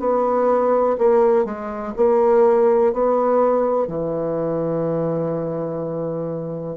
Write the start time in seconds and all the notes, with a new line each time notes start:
0.00 B3
0.98 A#3
1.45 G#3
1.97 A#3
2.93 B3
3.88 E3